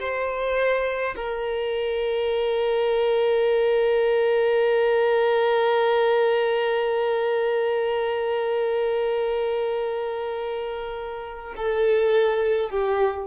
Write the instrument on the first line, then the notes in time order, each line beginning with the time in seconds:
violin
0.00 C5
1.16 A#4
11.57 A4
12.70 G4